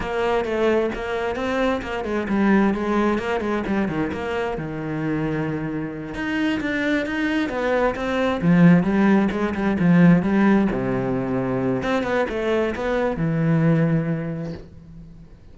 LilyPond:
\new Staff \with { instrumentName = "cello" } { \time 4/4 \tempo 4 = 132 ais4 a4 ais4 c'4 | ais8 gis8 g4 gis4 ais8 gis8 | g8 dis8 ais4 dis2~ | dis4. dis'4 d'4 dis'8~ |
dis'8 b4 c'4 f4 g8~ | g8 gis8 g8 f4 g4 c8~ | c2 c'8 b8 a4 | b4 e2. | }